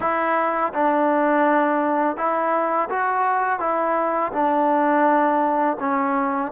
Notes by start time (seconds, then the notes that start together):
0.00 E4
0.73 D4
2.16 E4
2.89 F#4
3.59 E4
4.32 D4
5.79 C#4